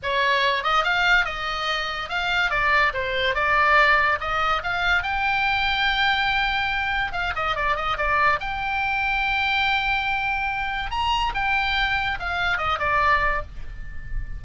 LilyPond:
\new Staff \with { instrumentName = "oboe" } { \time 4/4 \tempo 4 = 143 cis''4. dis''8 f''4 dis''4~ | dis''4 f''4 d''4 c''4 | d''2 dis''4 f''4 | g''1~ |
g''4 f''8 dis''8 d''8 dis''8 d''4 | g''1~ | g''2 ais''4 g''4~ | g''4 f''4 dis''8 d''4. | }